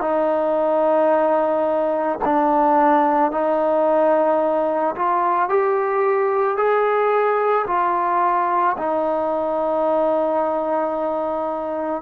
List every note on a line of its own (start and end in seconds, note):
0.00 2.18 D#4
2.24 3.31 D4
3.31 4.95 D#4
4.95 5.48 F4
5.48 6.57 G4
6.57 7.66 G#4
7.67 8.76 F4
8.77 12.01 D#4